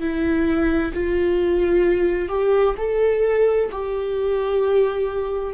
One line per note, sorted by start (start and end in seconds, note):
0.00 0.92 E4
0.94 2.29 F4
2.29 2.75 G4
2.78 3.70 A4
3.71 5.53 G4